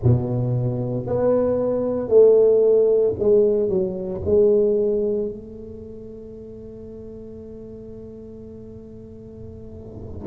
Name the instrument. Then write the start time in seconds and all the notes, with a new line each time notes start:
tuba
0.03 B2
1.06 B3
2.08 A3
3.18 G#3
3.68 F#3
4.25 G#3
5.28 A3